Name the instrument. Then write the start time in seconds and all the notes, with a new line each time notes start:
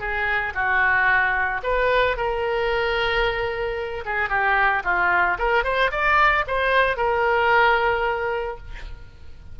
oboe
0.00 G#4
0.54 F#4
1.64 B4
2.17 A#4
4.05 G#4
4.30 G4
4.84 F4
5.39 A#4
5.64 C5
5.91 D5
6.47 C5
6.97 A#4